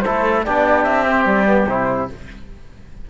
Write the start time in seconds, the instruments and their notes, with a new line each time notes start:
0.00 trombone E4, oboe A4, flute C5
0.07 cello A3
0.45 cello B3, trombone D4, oboe G4, flute D5
0.84 cello C4, flute E5
1.08 trombone C4
1.25 cello G3, flute D5
1.47 trombone B3
1.67 cello C3, trombone E4, flute C5